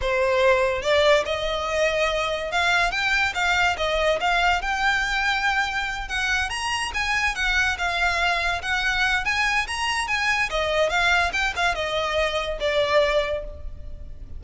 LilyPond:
\new Staff \with { instrumentName = "violin" } { \time 4/4 \tempo 4 = 143 c''2 d''4 dis''4~ | dis''2 f''4 g''4 | f''4 dis''4 f''4 g''4~ | g''2~ g''8 fis''4 ais''8~ |
ais''8 gis''4 fis''4 f''4.~ | f''8 fis''4. gis''4 ais''4 | gis''4 dis''4 f''4 g''8 f''8 | dis''2 d''2 | }